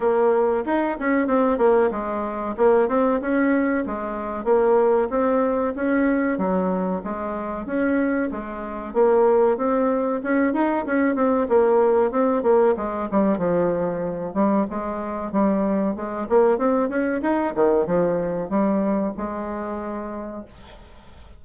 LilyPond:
\new Staff \with { instrumentName = "bassoon" } { \time 4/4 \tempo 4 = 94 ais4 dis'8 cis'8 c'8 ais8 gis4 | ais8 c'8 cis'4 gis4 ais4 | c'4 cis'4 fis4 gis4 | cis'4 gis4 ais4 c'4 |
cis'8 dis'8 cis'8 c'8 ais4 c'8 ais8 | gis8 g8 f4. g8 gis4 | g4 gis8 ais8 c'8 cis'8 dis'8 dis8 | f4 g4 gis2 | }